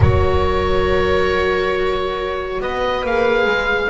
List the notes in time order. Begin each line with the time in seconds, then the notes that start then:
0.00 F#3 F#4 A#4 C#5
2.60 B3 B4 D#5
3.03 A#3 G#4 F5
3.45 G#3